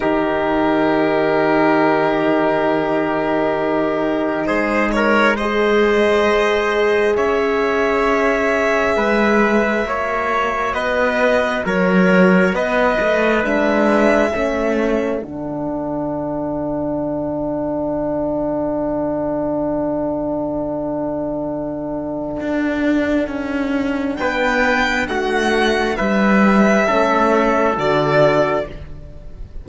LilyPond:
<<
  \new Staff \with { instrumentName = "violin" } { \time 4/4 \tempo 4 = 67 ais'1~ | ais'4 c''8 cis''8 dis''2 | e''1 | dis''4 cis''4 dis''4 e''4~ |
e''4 fis''2.~ | fis''1~ | fis''2. g''4 | fis''4 e''2 d''4 | }
  \new Staff \with { instrumentName = "trumpet" } { \time 4/4 g'1~ | g'4 gis'8 ais'8 c''2 | cis''2 b'4 cis''4 | b'4 ais'4 b'2 |
a'1~ | a'1~ | a'2. b'4 | fis'4 b'4 a'2 | }
  \new Staff \with { instrumentName = "horn" } { \time 4/4 dis'1~ | dis'2 gis'2~ | gis'2. fis'4~ | fis'2. d'4 |
cis'4 d'2.~ | d'1~ | d'1~ | d'2 cis'4 fis'4 | }
  \new Staff \with { instrumentName = "cello" } { \time 4/4 dis1~ | dis4 gis2. | cis'2 gis4 ais4 | b4 fis4 b8 a8 gis4 |
a4 d2.~ | d1~ | d4 d'4 cis'4 b4 | a4 g4 a4 d4 | }
>>